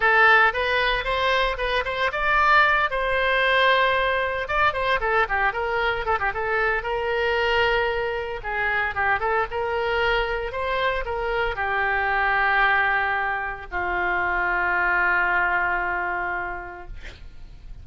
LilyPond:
\new Staff \with { instrumentName = "oboe" } { \time 4/4 \tempo 4 = 114 a'4 b'4 c''4 b'8 c''8 | d''4. c''2~ c''8~ | c''8 d''8 c''8 a'8 g'8 ais'4 a'16 g'16 | a'4 ais'2. |
gis'4 g'8 a'8 ais'2 | c''4 ais'4 g'2~ | g'2 f'2~ | f'1 | }